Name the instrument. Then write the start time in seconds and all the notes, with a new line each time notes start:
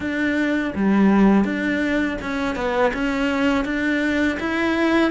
cello
0.00 D4
0.75 G3
1.44 D4
2.21 C#4
2.55 B3
2.93 C#4
3.65 D4
4.39 E4